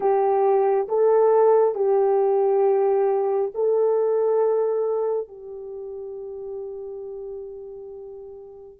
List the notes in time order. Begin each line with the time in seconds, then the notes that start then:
0.00 G4
0.88 A4
1.74 G4
3.54 A4
5.27 G4